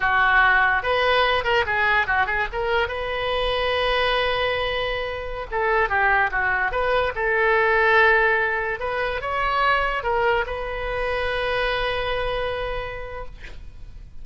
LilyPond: \new Staff \with { instrumentName = "oboe" } { \time 4/4 \tempo 4 = 145 fis'2 b'4. ais'8 | gis'4 fis'8 gis'8 ais'4 b'4~ | b'1~ | b'4~ b'16 a'4 g'4 fis'8.~ |
fis'16 b'4 a'2~ a'8.~ | a'4~ a'16 b'4 cis''4.~ cis''16~ | cis''16 ais'4 b'2~ b'8.~ | b'1 | }